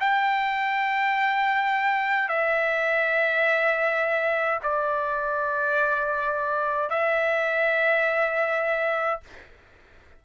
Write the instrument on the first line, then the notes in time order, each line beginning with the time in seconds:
trumpet
0.00 G5
2.29 E5
4.63 D5
6.90 E5